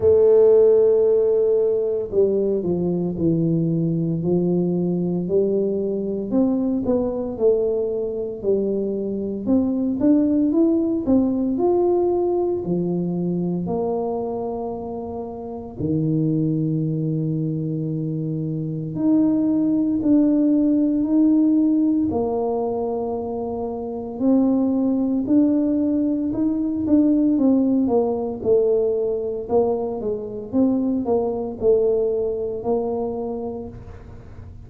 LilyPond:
\new Staff \with { instrumentName = "tuba" } { \time 4/4 \tempo 4 = 57 a2 g8 f8 e4 | f4 g4 c'8 b8 a4 | g4 c'8 d'8 e'8 c'8 f'4 | f4 ais2 dis4~ |
dis2 dis'4 d'4 | dis'4 ais2 c'4 | d'4 dis'8 d'8 c'8 ais8 a4 | ais8 gis8 c'8 ais8 a4 ais4 | }